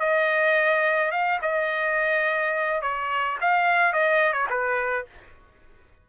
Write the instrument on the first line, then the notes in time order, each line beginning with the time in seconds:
trumpet
0.00 D#5
1.12 F5
1.42 D#5
2.82 C#5
3.41 F5
3.93 D#5
4.33 C#5
4.50 B4